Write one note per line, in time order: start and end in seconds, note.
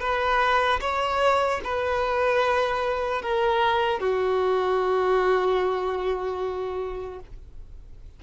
0.00 0.80 B4
0.80 1.60 C#5
1.64 3.22 B4
3.22 4.00 A#4
4.00 7.20 F#4